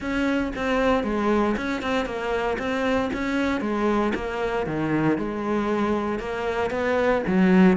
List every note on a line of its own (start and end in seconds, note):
0.00 0.52 C#4
0.55 1.03 C4
1.03 1.55 G#3
1.56 1.82 C#4
1.82 2.05 C4
2.05 2.57 A#3
2.58 3.10 C4
3.13 3.61 C#4
3.61 4.12 G#3
4.14 4.66 A#3
4.66 5.18 D#3
5.18 6.19 G#3
6.19 6.70 A#3
6.70 7.22 B3
7.27 7.77 F#3